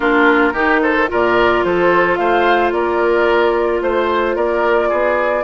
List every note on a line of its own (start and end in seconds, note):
0.00 0.53 A#3
0.00 0.53 D4
0.00 0.53 F4
0.00 0.80 A#4
0.53 1.07 D#3
0.53 1.07 D#4
0.53 0.80 G4
0.82 1.09 A4
0.82 1.09 C5
1.07 1.64 A#2
1.07 5.43 F4
1.07 1.65 A#4
1.07 1.64 D5
1.64 2.18 F3
1.64 2.19 A4
1.64 2.16 C5
2.16 2.71 A3
2.16 2.73 C5
2.16 2.70 F5
2.71 3.81 A#3
2.71 3.82 A#4
2.71 3.81 D5
3.81 4.36 A3
3.81 4.36 C5
3.81 4.35 C5
4.35 4.90 A#3
4.35 4.89 A#4
4.35 5.43 D5
4.89 5.43 B3
4.89 5.43 G#4